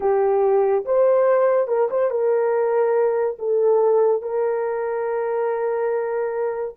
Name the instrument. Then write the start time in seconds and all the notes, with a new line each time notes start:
horn
0.00 G4
0.85 C5
1.67 A#4
1.90 C5
2.10 A#4
3.38 A4
4.21 A#4